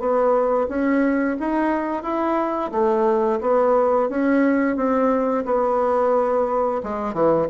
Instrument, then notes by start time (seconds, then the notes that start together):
bassoon
0.00 B3
0.69 C#4
1.40 D#4
2.03 E4
2.72 A3
3.42 B3
4.10 C#4
4.77 C4
5.46 B3
6.84 G#3
7.14 E3